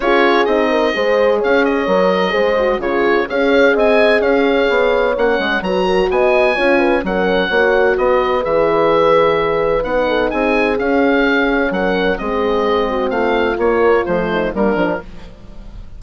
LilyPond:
<<
  \new Staff \with { instrumentName = "oboe" } { \time 4/4 \tempo 4 = 128 cis''4 dis''2 f''8 dis''8~ | dis''2 cis''4 f''4 | gis''4 f''2 fis''4 | ais''4 gis''2 fis''4~ |
fis''4 dis''4 e''2~ | e''4 fis''4 gis''4 f''4~ | f''4 fis''4 dis''2 | f''4 cis''4 c''4 ais'4 | }
  \new Staff \with { instrumentName = "horn" } { \time 4/4 gis'4. ais'8 c''4 cis''4~ | cis''4 c''4 gis'4 cis''4 | dis''4 cis''2. | b'8 ais'8 dis''4 cis''8 b'8 ais'4 |
cis''4 b'2.~ | b'4. a'8 gis'2~ | gis'4 ais'4 gis'4. fis'8 | f'2~ f'8 dis'8 d'4 | }
  \new Staff \with { instrumentName = "horn" } { \time 4/4 f'4 dis'4 gis'2 | ais'4 gis'8 fis'8 f'4 gis'4~ | gis'2. cis'4 | fis'2 f'4 cis'4 |
fis'2 gis'2~ | gis'4 dis'2 cis'4~ | cis'2 c'2~ | c'4 ais4 a4 ais8 d'8 | }
  \new Staff \with { instrumentName = "bassoon" } { \time 4/4 cis'4 c'4 gis4 cis'4 | fis4 gis4 cis4 cis'4 | c'4 cis'4 b4 ais8 gis8 | fis4 b4 cis'4 fis4 |
ais4 b4 e2~ | e4 b4 c'4 cis'4~ | cis'4 fis4 gis2 | a4 ais4 f4 g8 f8 | }
>>